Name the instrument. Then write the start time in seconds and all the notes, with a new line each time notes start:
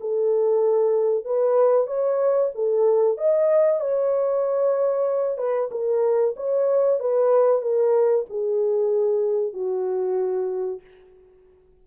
horn
0.00 A4
1.24 B4
1.87 C#5
2.55 A4
3.17 D#5
3.80 C#5
5.37 B4
5.71 A#4
6.36 C#5
7.00 B4
7.62 A#4
8.29 G#4
9.53 F#4